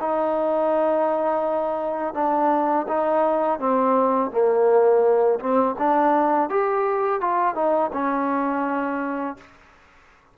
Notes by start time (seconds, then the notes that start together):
0.00 D#4
2.14 D4
2.88 D#4
3.59 C4
4.31 A#3
5.40 C4
5.78 D4
6.50 G4
7.21 F4
7.55 D#4
7.93 C#4